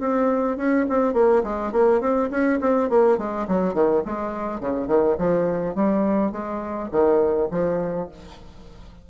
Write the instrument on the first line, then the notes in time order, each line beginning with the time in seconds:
bassoon
0.00 C4
0.57 C#4
0.89 C4
1.14 A#3
1.43 G#3
1.72 A#3
2.01 C4
2.31 C#4
2.61 C4
2.90 A#3
3.18 G#3
3.48 F#3
3.74 D#3
4.05 G#3
4.60 C#3
4.87 D#3
5.18 F3
5.75 G3
6.32 G#3
6.92 D#3
7.51 F3